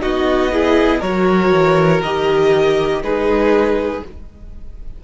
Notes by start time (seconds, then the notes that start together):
0.00 B3 D#4 F#4 D#5
0.52 E4 G#4
1.00 F#3 F#4 A#4 C#5
1.52 E3
2.02 D#3 G4 D#5
3.02 G#3 D#4 G#4 B4